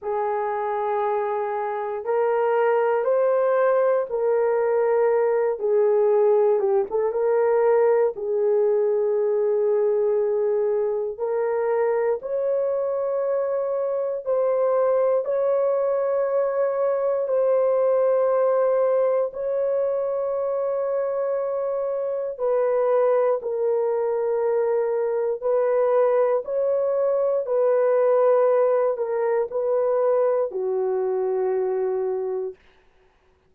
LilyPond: \new Staff \with { instrumentName = "horn" } { \time 4/4 \tempo 4 = 59 gis'2 ais'4 c''4 | ais'4. gis'4 g'16 a'16 ais'4 | gis'2. ais'4 | cis''2 c''4 cis''4~ |
cis''4 c''2 cis''4~ | cis''2 b'4 ais'4~ | ais'4 b'4 cis''4 b'4~ | b'8 ais'8 b'4 fis'2 | }